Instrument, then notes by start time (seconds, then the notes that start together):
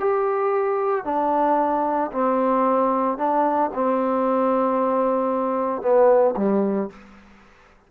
trombone
0.00 G4
1.05 D4
2.12 C4
3.18 D4
3.74 C4
5.82 B3
6.37 G3